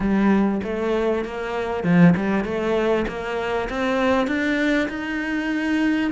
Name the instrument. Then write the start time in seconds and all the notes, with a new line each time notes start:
cello
0.00 G3
0.63 A3
1.24 A#3
1.83 F3
2.16 G3
2.44 A3
3.07 A#3
3.69 C4
4.27 D4
4.88 D#4